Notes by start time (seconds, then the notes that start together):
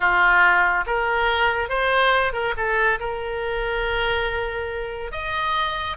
0.00 F4
0.86 A#4
1.69 C5
2.32 A#4
2.56 A4
2.99 A#4
5.11 D#5